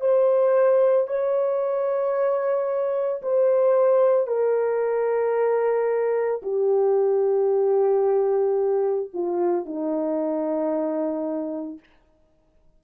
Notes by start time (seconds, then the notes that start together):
0.00 C5
1.07 C#5
3.22 C5
4.27 A#4
6.42 G4
9.13 F4
9.65 D#4